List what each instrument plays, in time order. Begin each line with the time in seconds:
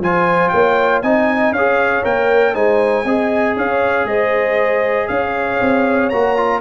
0.00 tuba F3, trombone F4, horn C5, trumpet G#5
0.49 tuba A#3, horn C#5, trumpet G5
1.02 tuba C4, trombone D#4, horn D#5, trumpet G#5
1.52 tuba C#4, horn C#5, trumpet F5
1.58 trombone G#4
2.03 tuba A#3, trombone A#4, trumpet G5
2.54 tuba G#3, trombone D#4, horn C5, trumpet G#5
3.05 tuba C4, trombone G#4, horn D#5
3.56 tuba C#4, horn C#5, trumpet F5
4.05 tuba G#3, horn C5, trumpet D#5
5.08 tuba C#4, horn C#5, trumpet F5
5.61 tuba C4
6.10 tuba A#3, trombone F#4, trumpet A#5
6.37 trombone F4